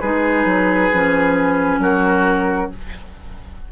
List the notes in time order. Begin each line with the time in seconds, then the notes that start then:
0.00 G#3 D#4 G#4 B4
0.44 F#3
0.92 F3 C#4
1.78 F#3 F#4 A#4